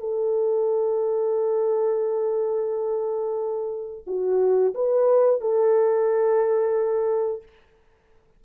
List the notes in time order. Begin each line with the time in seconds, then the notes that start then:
0.00 A4
4.07 F#4
4.75 B4
5.41 A4